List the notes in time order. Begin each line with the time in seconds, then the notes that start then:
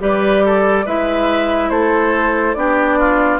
0.00 G3 G4 B4 D5
0.45 A4
0.85 G#3 E4 B4 E5
1.69 A3 A4 C5
2.54 B3 D4 G4 D5
2.99 F4